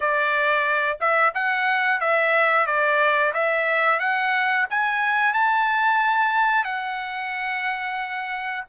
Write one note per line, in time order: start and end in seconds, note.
0.00 0.98 D5
1.00 1.33 E5
1.34 2.00 F#5
2.00 2.66 E5
2.66 3.32 D5
3.33 3.99 E5
3.99 4.66 F#5
4.70 5.33 G#5
5.33 6.64 A5
6.64 8.64 F#5